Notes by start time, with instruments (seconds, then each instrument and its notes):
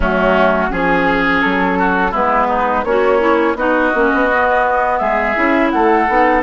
0.00 bassoon F#3, clarinet A3, oboe C#4, flute F#4
0.69 bassoon F3, clarinet C#4, flute G#4, oboe G#4
1.41 bassoon F#3, flute A4
1.78 oboe F#4
2.11 bassoon G#3, clarinet B3, oboe E4, flute B4
2.48 oboe D#4
2.84 bassoon A#3, oboe C#4, clarinet F#4, flute C#5
3.19 clarinet E4
3.55 bassoon B3, clarinet D#4, oboe F#4, flute D#5
3.93 bassoon A#3, clarinet C#4
4.13 bassoon B3
4.30 clarinet B3
4.98 bassoon G#3, oboe G#4, flute E5
5.35 bassoon C#4, clarinet E4
5.70 bassoon A3, oboe A4, flute F#5
6.08 bassoon B3, clarinet D#4